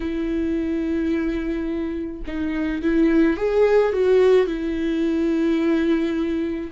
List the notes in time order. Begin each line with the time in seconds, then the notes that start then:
0.00 E4
2.26 D#4
2.82 E4
3.36 G#4
3.92 F#4
4.47 E4